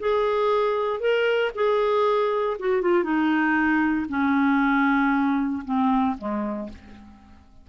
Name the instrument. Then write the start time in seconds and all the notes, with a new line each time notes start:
clarinet
0.00 G#4
1.00 A#4
1.55 G#4
2.59 F#4
2.82 F4
3.04 D#4
4.09 C#4
5.65 C4
6.18 G#3